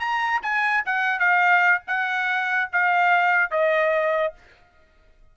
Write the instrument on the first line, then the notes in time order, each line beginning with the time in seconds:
trumpet
0.00 A#5
0.43 G#5
0.86 F#5
1.20 F5
1.88 F#5
2.73 F5
3.51 D#5